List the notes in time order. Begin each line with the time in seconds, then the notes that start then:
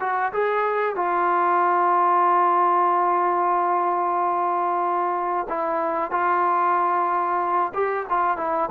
0.00 F#4
0.33 G#4
0.96 F4
5.49 E4
6.11 F4
7.74 G4
8.10 F4
8.37 E4